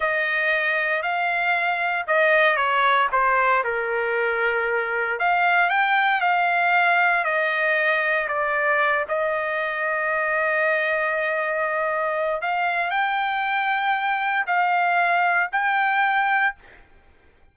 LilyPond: \new Staff \with { instrumentName = "trumpet" } { \time 4/4 \tempo 4 = 116 dis''2 f''2 | dis''4 cis''4 c''4 ais'4~ | ais'2 f''4 g''4 | f''2 dis''2 |
d''4. dis''2~ dis''8~ | dis''1 | f''4 g''2. | f''2 g''2 | }